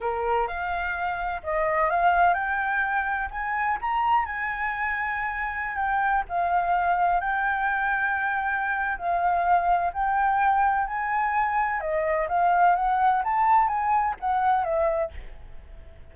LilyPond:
\new Staff \with { instrumentName = "flute" } { \time 4/4 \tempo 4 = 127 ais'4 f''2 dis''4 | f''4 g''2 gis''4 | ais''4 gis''2.~ | gis''16 g''4 f''2 g''8.~ |
g''2. f''4~ | f''4 g''2 gis''4~ | gis''4 dis''4 f''4 fis''4 | a''4 gis''4 fis''4 e''4 | }